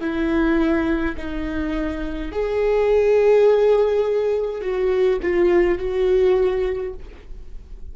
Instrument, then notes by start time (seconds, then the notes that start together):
viola
0.00 E4
1.16 D#4
2.31 G#4
4.61 F#4
5.22 F4
5.78 F#4